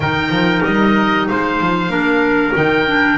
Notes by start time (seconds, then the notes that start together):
0.00 D#3 D#4 A#4 G5
0.29 F3
0.64 G3 D#5
1.27 G#3 C5 F5
1.61 F3
1.89 A#3 D4 A#4
2.54 D#3 D#4 G5
2.86 D4